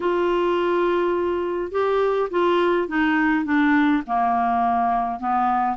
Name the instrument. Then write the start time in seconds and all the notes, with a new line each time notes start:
clarinet
0.00 F4
1.71 G4
2.30 F4
2.88 D#4
3.45 D4
4.06 A#3
5.19 B3